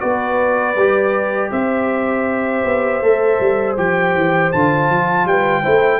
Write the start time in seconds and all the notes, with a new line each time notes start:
0.00 B3 F#4 B4 D5
0.75 G3 G4
1.51 C4 C5 E5
2.65 B3
3.02 A3 A4
3.40 G3
3.77 F3 G4 G5
4.15 E3
4.52 D3 F4 A5
4.89 F3
5.25 G3 B4 G5
5.62 A3 E4 C5